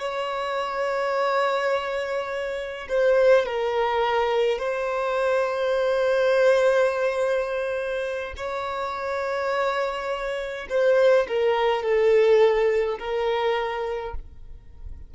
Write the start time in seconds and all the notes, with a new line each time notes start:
0.00 C#5
2.89 C5
3.46 A#4
4.59 C5
8.37 C#5
10.69 C5
11.28 A#4
11.83 A4
12.99 A#4